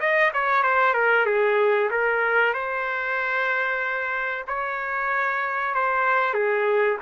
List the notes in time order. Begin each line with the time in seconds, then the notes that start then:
0.00 D#5
0.34 C#5
0.64 C5
0.94 A#4
1.26 G#4
1.91 A#4
2.54 C5
4.48 C#5
5.75 C5
6.34 G#4